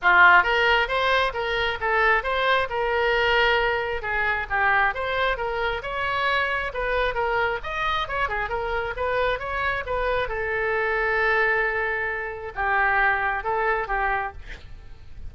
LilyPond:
\new Staff \with { instrumentName = "oboe" } { \time 4/4 \tempo 4 = 134 f'4 ais'4 c''4 ais'4 | a'4 c''4 ais'2~ | ais'4 gis'4 g'4 c''4 | ais'4 cis''2 b'4 |
ais'4 dis''4 cis''8 gis'8 ais'4 | b'4 cis''4 b'4 a'4~ | a'1 | g'2 a'4 g'4 | }